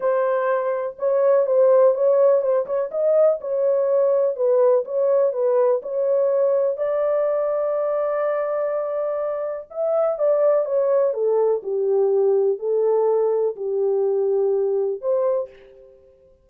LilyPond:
\new Staff \with { instrumentName = "horn" } { \time 4/4 \tempo 4 = 124 c''2 cis''4 c''4 | cis''4 c''8 cis''8 dis''4 cis''4~ | cis''4 b'4 cis''4 b'4 | cis''2 d''2~ |
d''1 | e''4 d''4 cis''4 a'4 | g'2 a'2 | g'2. c''4 | }